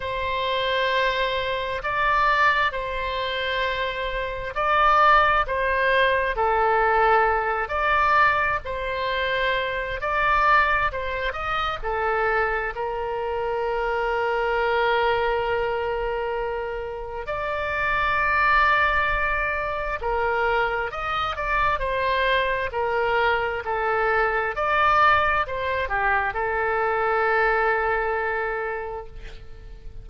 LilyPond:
\new Staff \with { instrumentName = "oboe" } { \time 4/4 \tempo 4 = 66 c''2 d''4 c''4~ | c''4 d''4 c''4 a'4~ | a'8 d''4 c''4. d''4 | c''8 dis''8 a'4 ais'2~ |
ais'2. d''4~ | d''2 ais'4 dis''8 d''8 | c''4 ais'4 a'4 d''4 | c''8 g'8 a'2. | }